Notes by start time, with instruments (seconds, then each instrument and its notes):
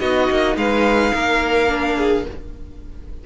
0.00 cello B3, viola D#4, violin F#4 D#5
0.30 cello A#3
0.56 cello G#3, violin B4 F5
1.13 cello A#3, violin A#4
1.68 viola D4
1.96 violin G#4